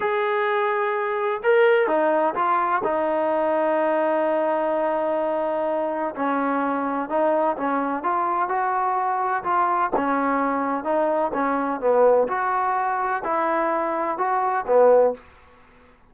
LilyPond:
\new Staff \with { instrumentName = "trombone" } { \time 4/4 \tempo 4 = 127 gis'2. ais'4 | dis'4 f'4 dis'2~ | dis'1~ | dis'4 cis'2 dis'4 |
cis'4 f'4 fis'2 | f'4 cis'2 dis'4 | cis'4 b4 fis'2 | e'2 fis'4 b4 | }